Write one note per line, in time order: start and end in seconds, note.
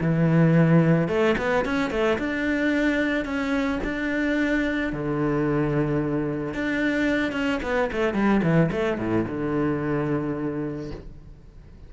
0.00 1.08 E3
1.08 1.35 A3
1.37 1.65 B3
1.65 1.90 C#4
1.90 2.17 A3
2.18 3.24 D4
3.24 3.79 C#4
3.84 4.92 D4
4.92 6.53 D3
6.53 7.32 D4
7.32 7.59 C#4
7.62 7.90 B3
7.92 8.13 A3
8.13 8.41 G3
8.43 8.70 E3
8.71 8.98 A3
8.98 9.25 A2
9.27 10.91 D3